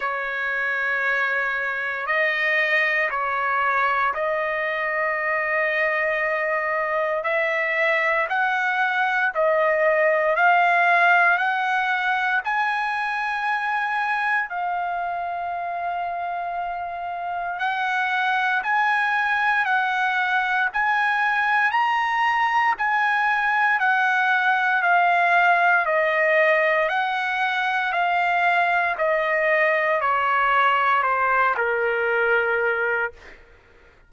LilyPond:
\new Staff \with { instrumentName = "trumpet" } { \time 4/4 \tempo 4 = 58 cis''2 dis''4 cis''4 | dis''2. e''4 | fis''4 dis''4 f''4 fis''4 | gis''2 f''2~ |
f''4 fis''4 gis''4 fis''4 | gis''4 ais''4 gis''4 fis''4 | f''4 dis''4 fis''4 f''4 | dis''4 cis''4 c''8 ais'4. | }